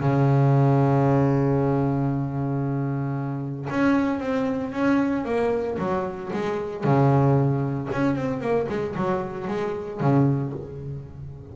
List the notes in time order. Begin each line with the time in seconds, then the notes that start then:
0.00 C#3
3.70 C#4
4.20 C4
4.72 C#4
5.25 A#3
5.79 F#3
6.33 G#3
6.84 C#3
7.92 C#4
8.16 C4
8.41 A#3
8.69 G#3
8.95 F#3
9.48 G#3
10.00 C#3